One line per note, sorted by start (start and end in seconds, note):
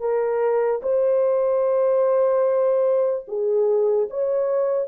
0.00 0.81 A#4
0.83 3.26 C5
3.28 4.09 G#4
4.10 4.88 C#5